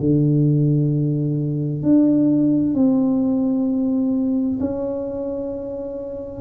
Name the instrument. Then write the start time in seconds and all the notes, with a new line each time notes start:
tuba
0.00 D3
1.83 D4
2.74 C4
4.60 C#4